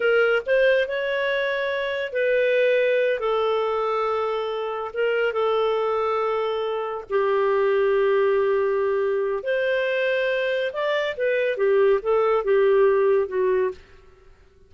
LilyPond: \new Staff \with { instrumentName = "clarinet" } { \time 4/4 \tempo 4 = 140 ais'4 c''4 cis''2~ | cis''4 b'2~ b'8 a'8~ | a'2.~ a'8 ais'8~ | ais'8 a'2.~ a'8~ |
a'8 g'2.~ g'8~ | g'2 c''2~ | c''4 d''4 b'4 g'4 | a'4 g'2 fis'4 | }